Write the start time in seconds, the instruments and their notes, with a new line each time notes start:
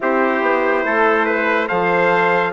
0.00 bassoon C4, horn E4, trumpet G4 C5
0.41 bassoon B3
0.84 bassoon A3, trumpet A4
1.25 trumpet B4
1.68 bassoon F3, horn A4, trumpet C5 F5